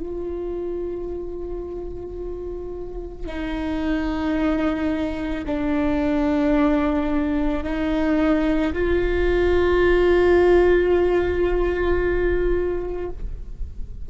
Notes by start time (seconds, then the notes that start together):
0.00 F4
3.26 D#4
5.46 D4
7.64 D#4
8.73 F4